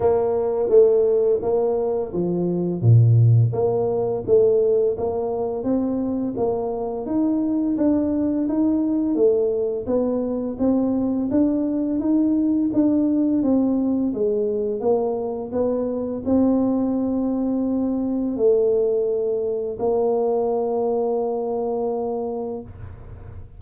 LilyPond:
\new Staff \with { instrumentName = "tuba" } { \time 4/4 \tempo 4 = 85 ais4 a4 ais4 f4 | ais,4 ais4 a4 ais4 | c'4 ais4 dis'4 d'4 | dis'4 a4 b4 c'4 |
d'4 dis'4 d'4 c'4 | gis4 ais4 b4 c'4~ | c'2 a2 | ais1 | }